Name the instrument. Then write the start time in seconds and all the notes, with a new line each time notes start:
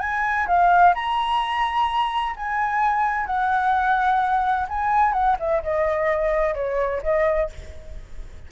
flute
0.00 G#5
0.47 F5
0.95 A#5
2.36 G#5
3.26 F#5
4.69 G#5
5.13 F#5
5.39 E5
5.63 D#5
6.55 C#5
7.03 D#5